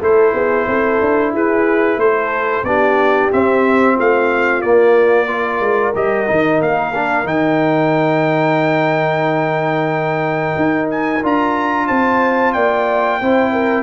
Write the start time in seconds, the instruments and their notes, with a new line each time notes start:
0.00 tuba A3, trombone E4, horn A4, trumpet C5
0.33 tuba B3, horn G#4
0.67 tuba C4, horn A4
1.00 tuba D4
1.33 tuba E4, horn G#4, trumpet B4
1.97 tuba A3, horn A4, trumpet C5
2.63 tuba B3, trombone D4, horn G4, trumpet D5
3.31 trombone C4, tuba C4, trumpet E5
3.95 tuba A3, horn F4, trumpet F5
4.61 trombone A#3, tuba A#3, trumpet D5
5.27 trombone F4, horn A#4
5.60 tuba G#3
5.95 tuba G3, trombone G4, trumpet D#5
6.27 tuba D#3, trombone D#4
6.60 tuba A#3, trumpet F5
6.94 trombone D4
7.24 tuba D#3, trombone D#4, trumpet G5
10.56 tuba D#4
10.90 trumpet G#5
11.23 tuba D4, trombone F4, trumpet A#5
11.87 tuba C4, horn C5, trumpet A5
12.52 tuba A#3, horn D5, trumpet G5
13.20 tuba C4, trombone E4, horn C5
13.52 horn A#4